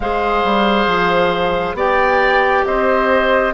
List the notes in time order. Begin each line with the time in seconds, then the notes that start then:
0.00 G#3 G#4 C5 F5
0.44 G3
0.86 F3
1.74 B3 G4 D5 G5
2.65 C4 C5 D#5